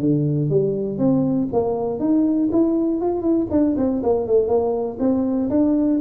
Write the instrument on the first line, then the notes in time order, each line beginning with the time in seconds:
tuba
0.00 D3
0.50 G3
0.98 C4
1.53 A#3
1.99 D#4
2.52 E4
3.01 F4
3.22 E4
3.51 D4
3.77 C4
4.03 A#3
4.27 A3
4.48 A#3
4.99 C4
5.50 D4